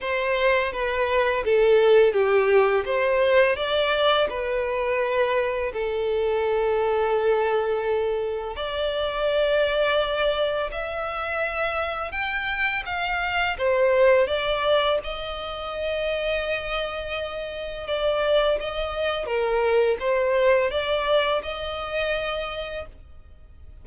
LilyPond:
\new Staff \with { instrumentName = "violin" } { \time 4/4 \tempo 4 = 84 c''4 b'4 a'4 g'4 | c''4 d''4 b'2 | a'1 | d''2. e''4~ |
e''4 g''4 f''4 c''4 | d''4 dis''2.~ | dis''4 d''4 dis''4 ais'4 | c''4 d''4 dis''2 | }